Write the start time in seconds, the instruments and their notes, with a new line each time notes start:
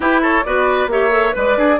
0.00 clarinet E4, bassoon E4, oboe G4, flute B4
0.22 oboe A4, flute C#5
0.44 bassoon B3, clarinet F#4, oboe B4, flute D5
0.87 bassoon A#3, clarinet G4, oboe C#5, flute E5
1.11 clarinet A4
1.32 bassoon G#3, clarinet B4, oboe B4, flute D5
1.57 bassoon D4, oboe G#4